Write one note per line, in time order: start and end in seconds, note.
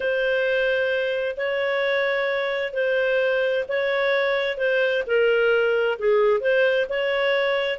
0.00 1.36 C5
1.36 2.73 C#5
2.73 3.65 C5
3.68 4.57 C#5
4.57 5.03 C5
5.06 5.98 A#4
5.98 6.40 G#4
6.40 6.86 C5
6.89 7.79 C#5